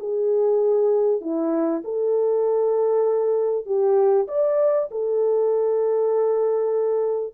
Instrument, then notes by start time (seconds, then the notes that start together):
horn
0.00 G#4
1.21 E4
1.84 A4
3.66 G4
4.28 D5
4.91 A4